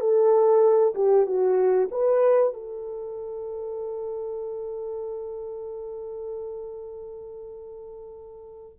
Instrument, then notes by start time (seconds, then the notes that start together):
horn
0.00 A4
0.95 G4
1.26 F#4
1.91 B4
2.53 A4